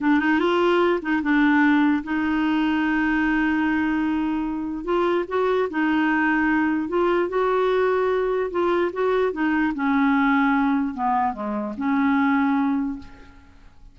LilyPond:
\new Staff \with { instrumentName = "clarinet" } { \time 4/4 \tempo 4 = 148 d'8 dis'8 f'4. dis'8 d'4~ | d'4 dis'2.~ | dis'1 | f'4 fis'4 dis'2~ |
dis'4 f'4 fis'2~ | fis'4 f'4 fis'4 dis'4 | cis'2. b4 | gis4 cis'2. | }